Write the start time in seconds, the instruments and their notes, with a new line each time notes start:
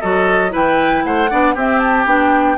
0.00 bassoon F#3, clarinet F#4, oboe A4, flute D#5
0.50 bassoon E3, clarinet E4, oboe B4, flute G5
1.04 bassoon A3, oboe C5, flute F#5
1.30 bassoon B3, clarinet D4, oboe D5
1.54 bassoon C4, clarinet C4, oboe G4, flute E5
1.79 flute A5
2.05 bassoon B3, clarinet D4, flute G5